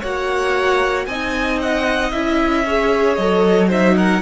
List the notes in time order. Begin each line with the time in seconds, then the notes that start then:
0.00 A#3 F#4 C#5 F#5
1.06 C4 D#4 D#5 G#5
1.62 F#5
2.11 C#4 E4 E5
2.66 G#4 C#5
3.15 F#3 A4 D#5
3.68 D#4 C5 E5
3.96 A#4 F#5